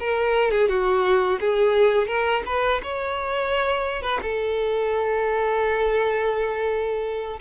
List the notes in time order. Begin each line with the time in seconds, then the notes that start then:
0.00 A#4
0.51 G#4
0.69 F#4
1.40 G#4
2.08 A#4
2.46 B4
2.83 C#5
4.02 B4
4.22 A4